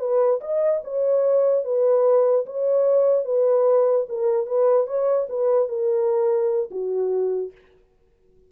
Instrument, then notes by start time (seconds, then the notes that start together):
horn
0.00 B4
0.41 D#5
0.84 C#5
1.65 B4
2.47 C#5
3.25 B4
4.09 A#4
4.47 B4
4.87 C#5
5.30 B4
5.69 A#4
6.71 F#4